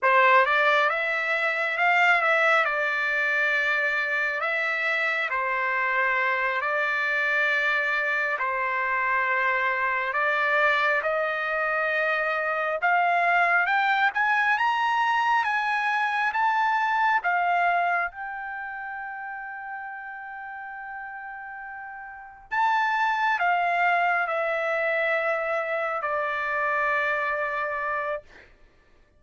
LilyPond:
\new Staff \with { instrumentName = "trumpet" } { \time 4/4 \tempo 4 = 68 c''8 d''8 e''4 f''8 e''8 d''4~ | d''4 e''4 c''4. d''8~ | d''4. c''2 d''8~ | d''8 dis''2 f''4 g''8 |
gis''8 ais''4 gis''4 a''4 f''8~ | f''8 g''2.~ g''8~ | g''4. a''4 f''4 e''8~ | e''4. d''2~ d''8 | }